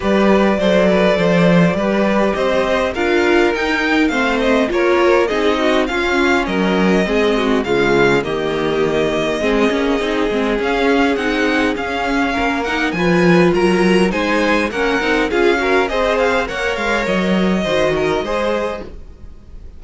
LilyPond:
<<
  \new Staff \with { instrumentName = "violin" } { \time 4/4 \tempo 4 = 102 d''1 | dis''4 f''4 g''4 f''8 dis''8 | cis''4 dis''4 f''4 dis''4~ | dis''4 f''4 dis''2~ |
dis''2 f''4 fis''4 | f''4. fis''8 gis''4 ais''4 | gis''4 fis''4 f''4 dis''8 f''8 | fis''8 f''8 dis''2. | }
  \new Staff \with { instrumentName = "violin" } { \time 4/4 b'4 c''8 b'8 c''4 b'4 | c''4 ais'2 c''4 | ais'4 gis'8 fis'8 f'4 ais'4 | gis'8 fis'8 f'4 g'2 |
gis'1~ | gis'4 ais'4 b'4 ais'4 | c''4 ais'4 gis'8 ais'8 c''4 | cis''2 c''8 ais'8 c''4 | }
  \new Staff \with { instrumentName = "viola" } { \time 4/4 g'4 a'2 g'4~ | g'4 f'4 dis'4 c'4 | f'4 dis'4 cis'2 | c'4 gis4 ais2 |
c'8 cis'8 dis'8 c'8 cis'4 dis'4 | cis'4. dis'8 f'2 | dis'4 cis'8 dis'8 f'8 fis'8 gis'4 | ais'2 fis'4 gis'4 | }
  \new Staff \with { instrumentName = "cello" } { \time 4/4 g4 fis4 f4 g4 | c'4 d'4 dis'4 a4 | ais4 c'4 cis'4 fis4 | gis4 cis4 dis2 |
gis8 ais8 c'8 gis8 cis'4 c'4 | cis'4 ais4 f4 fis4 | gis4 ais8 c'8 cis'4 c'4 | ais8 gis8 fis4 dis4 gis4 | }
>>